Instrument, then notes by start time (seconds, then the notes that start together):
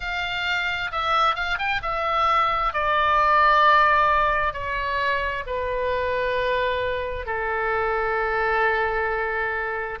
oboe
0.00 F5
0.91 E5
1.35 F5
1.58 G5
1.82 E5
2.73 D5
4.53 C#5
5.46 B4
7.26 A4